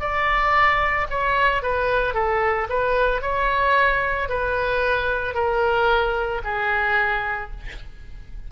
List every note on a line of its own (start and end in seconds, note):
0.00 1.07 D5
1.10 1.63 C#5
1.63 2.14 B4
2.14 2.68 A4
2.69 3.21 B4
3.21 4.29 C#5
4.29 5.34 B4
5.34 6.41 A#4
6.44 7.51 G#4